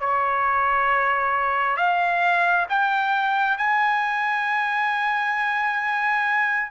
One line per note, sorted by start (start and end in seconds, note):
0.00 1.77 C#5
1.77 2.66 F5
2.69 3.57 G5
3.57 6.71 G#5